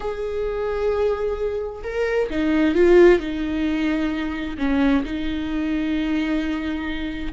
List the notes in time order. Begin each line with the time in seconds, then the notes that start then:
0.00 G#4
1.83 A#4
2.30 D#4
2.75 F4
3.19 D#4
4.58 C#4
5.04 D#4